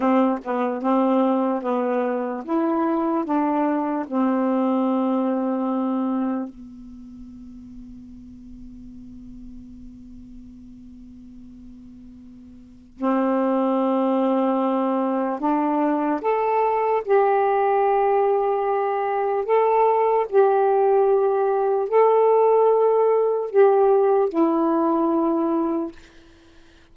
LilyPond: \new Staff \with { instrumentName = "saxophone" } { \time 4/4 \tempo 4 = 74 c'8 b8 c'4 b4 e'4 | d'4 c'2. | b1~ | b1 |
c'2. d'4 | a'4 g'2. | a'4 g'2 a'4~ | a'4 g'4 e'2 | }